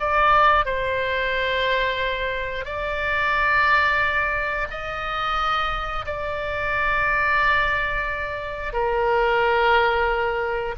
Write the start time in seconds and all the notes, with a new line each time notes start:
0.00 D5
0.66 C5
2.65 D5
4.70 D#5
6.06 D5
8.73 A#4